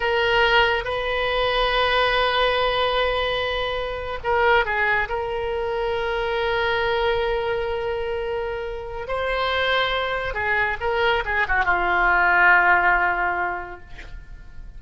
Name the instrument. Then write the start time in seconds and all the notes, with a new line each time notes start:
oboe
0.00 A#4
0.84 B4
4.23 A#4
4.65 G#4
5.08 A#4
9.07 C5
10.34 G#4
10.80 A#4
11.25 G#4
11.48 F#4
11.64 F4